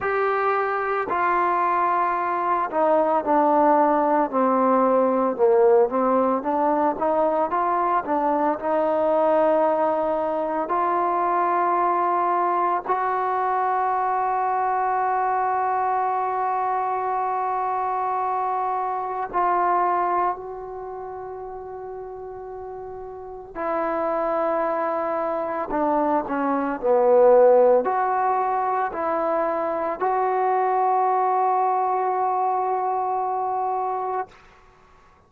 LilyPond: \new Staff \with { instrumentName = "trombone" } { \time 4/4 \tempo 4 = 56 g'4 f'4. dis'8 d'4 | c'4 ais8 c'8 d'8 dis'8 f'8 d'8 | dis'2 f'2 | fis'1~ |
fis'2 f'4 fis'4~ | fis'2 e'2 | d'8 cis'8 b4 fis'4 e'4 | fis'1 | }